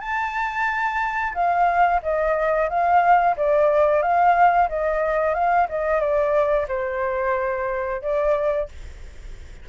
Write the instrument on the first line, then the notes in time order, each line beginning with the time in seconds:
flute
0.00 A5
1.34 F5
2.02 D#5
2.69 F5
3.37 D5
4.02 F5
4.68 D#5
5.34 F5
5.68 D#5
6.00 D5
6.68 C5
8.02 D5